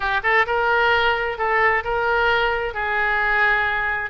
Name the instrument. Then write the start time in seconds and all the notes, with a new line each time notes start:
oboe
0.00 G4
0.23 A4
0.46 A#4
1.38 A4
1.83 A#4
2.74 G#4